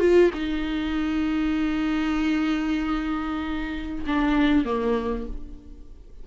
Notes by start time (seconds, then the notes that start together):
0.00 F4
0.34 D#4
4.07 D4
4.65 A#3